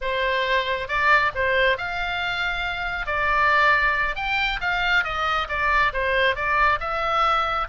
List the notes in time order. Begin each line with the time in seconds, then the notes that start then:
0.01 C5
0.88 D5
1.34 C5
1.77 F5
3.06 D5
4.15 G5
4.60 F5
5.04 D#5
5.48 D5
5.93 C5
6.35 D5
6.80 E5